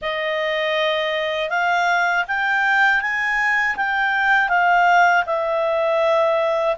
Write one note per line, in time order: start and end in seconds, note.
0.01 1.49 D#5
1.49 2.24 F5
2.27 3.01 G5
3.01 3.76 G#5
3.76 4.48 G5
4.48 5.23 F5
5.26 6.76 E5